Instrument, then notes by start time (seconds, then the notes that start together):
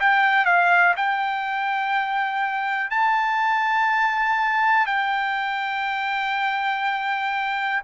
trumpet
0.00 G5
0.46 F5
0.96 G5
2.91 A5
4.86 G5